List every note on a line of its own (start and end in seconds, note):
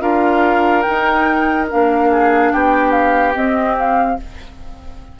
0.00 0.85 D4
0.00 0.83 F4
0.00 2.10 A#4
0.00 0.82 F5
0.82 1.68 D#4
0.82 1.65 G5
0.89 1.72 D#4
1.70 2.53 A#3
1.70 3.34 D4
1.70 2.53 F5
2.11 2.52 G#4
2.52 3.36 B3
2.52 4.19 G4
2.52 2.91 G5
2.91 3.33 F5
3.34 4.17 C4
3.34 4.19 C4
3.34 3.77 D#5
3.78 4.20 F5